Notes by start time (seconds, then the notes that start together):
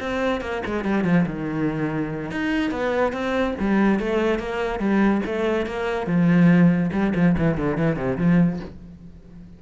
0.00 C4
0.41 A#3
0.65 G#3
0.84 G3
1.04 F3
1.26 D#3
2.31 D#4
2.70 B3
3.12 C4
3.59 G3
3.99 A3
4.39 A#3
4.79 G3
5.26 A3
5.66 A#3
6.06 F3
6.92 G3
7.15 F3
7.38 E3
7.57 D3
7.77 E3
7.96 C3
8.18 F3